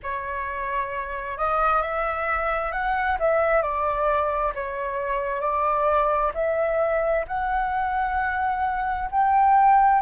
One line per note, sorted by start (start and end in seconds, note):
0.02 1.37 C#5
1.37 1.81 D#5
1.81 2.72 E5
2.72 3.17 F#5
3.19 3.62 E5
3.62 4.52 D5
4.55 5.40 C#5
5.40 6.31 D5
6.34 7.25 E5
7.27 9.09 F#5
9.11 10.01 G5